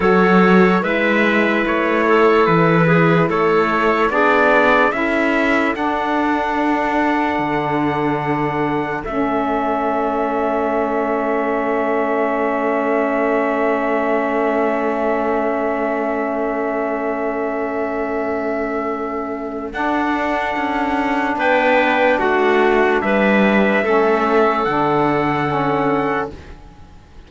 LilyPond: <<
  \new Staff \with { instrumentName = "trumpet" } { \time 4/4 \tempo 4 = 73 cis''4 e''4 cis''4 b'4 | cis''4 d''4 e''4 fis''4~ | fis''2. e''4~ | e''1~ |
e''1~ | e''1 | fis''2 g''4 fis''4 | e''2 fis''2 | }
  \new Staff \with { instrumentName = "clarinet" } { \time 4/4 a'4 b'4. a'4 gis'8 | a'4 gis'4 a'2~ | a'1~ | a'1~ |
a'1~ | a'1~ | a'2 b'4 fis'4 | b'4 a'2. | }
  \new Staff \with { instrumentName = "saxophone" } { \time 4/4 fis'4 e'2.~ | e'4 d'4 e'4 d'4~ | d'2. cis'4~ | cis'1~ |
cis'1~ | cis'1 | d'1~ | d'4 cis'4 d'4 cis'4 | }
  \new Staff \with { instrumentName = "cello" } { \time 4/4 fis4 gis4 a4 e4 | a4 b4 cis'4 d'4~ | d'4 d2 a4~ | a1~ |
a1~ | a1 | d'4 cis'4 b4 a4 | g4 a4 d2 | }
>>